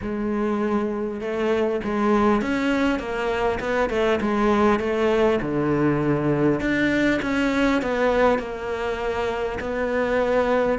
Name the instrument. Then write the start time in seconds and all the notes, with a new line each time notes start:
cello
0.02 G#3
1.20 A3
1.84 G#3
2.41 C#4
2.99 A#3
3.59 B3
3.89 A3
4.20 G#3
4.79 A3
5.41 D3
6.60 D4
7.21 C#4
7.82 B3
8.38 A#3
9.60 B3